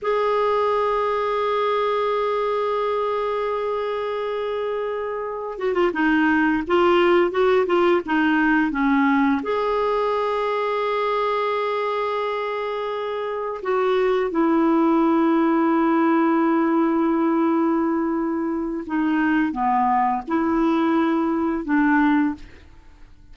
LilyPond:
\new Staff \with { instrumentName = "clarinet" } { \time 4/4 \tempo 4 = 86 gis'1~ | gis'1 | fis'16 f'16 dis'4 f'4 fis'8 f'8 dis'8~ | dis'8 cis'4 gis'2~ gis'8~ |
gis'2.~ gis'8 fis'8~ | fis'8 e'2.~ e'8~ | e'2. dis'4 | b4 e'2 d'4 | }